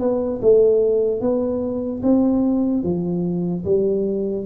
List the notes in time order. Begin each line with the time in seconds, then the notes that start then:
0.00 B3
0.42 A3
1.21 B3
2.03 C4
2.84 F3
3.65 G3